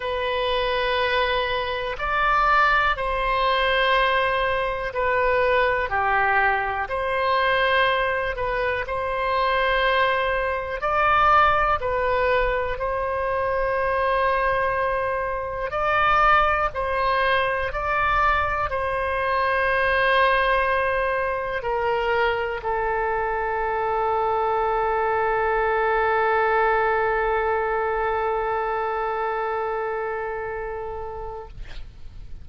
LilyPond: \new Staff \with { instrumentName = "oboe" } { \time 4/4 \tempo 4 = 61 b'2 d''4 c''4~ | c''4 b'4 g'4 c''4~ | c''8 b'8 c''2 d''4 | b'4 c''2. |
d''4 c''4 d''4 c''4~ | c''2 ais'4 a'4~ | a'1~ | a'1 | }